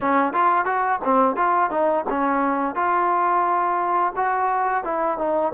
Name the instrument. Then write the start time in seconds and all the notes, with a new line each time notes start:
trombone
0.00 C#4
0.33 F4
0.65 F#4
1.03 C4
1.36 F4
1.70 D#4
2.09 C#4
2.75 F4
4.16 F#4
4.83 E4
5.18 D#4